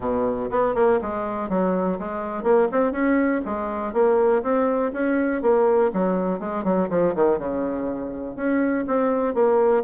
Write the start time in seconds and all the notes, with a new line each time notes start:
0.00 B2
0.50 B3
0.74 A#3
1.01 G#3
1.49 F#3
1.99 G#3
2.43 A#3
2.71 C4
2.92 C#4
3.45 G#3
3.93 A#3
4.42 C4
4.92 C#4
5.41 A#3
5.93 F#3
6.39 G#3
6.64 F#3
6.89 F3
7.15 D#3
7.38 C#3
8.35 C#4
8.87 C4
9.34 A#3